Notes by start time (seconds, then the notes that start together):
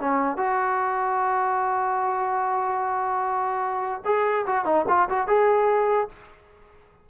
0.00 C#4
0.37 F#4
4.05 G#4
4.47 F#4
4.65 D#4
4.88 F4
5.09 F#4
5.27 G#4